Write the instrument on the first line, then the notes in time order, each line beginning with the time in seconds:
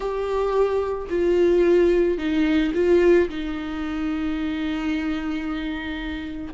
viola
0.00 G4
1.09 F4
2.17 D#4
2.74 F4
3.29 D#4